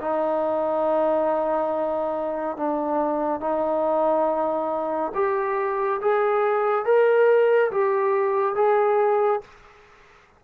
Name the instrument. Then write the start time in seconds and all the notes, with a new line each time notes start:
trombone
0.00 D#4
2.56 D4
3.40 D#4
5.14 G4
6.01 G#4
6.85 A#4
7.71 G4
8.55 G#4